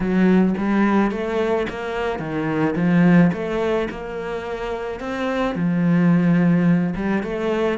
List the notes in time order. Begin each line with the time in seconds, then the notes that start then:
0.00 F#3
0.57 G3
1.11 A3
1.69 A#3
2.19 D#3
2.75 F3
3.32 A3
3.90 A#3
5.00 C4
5.55 F3
6.95 G3
7.22 A3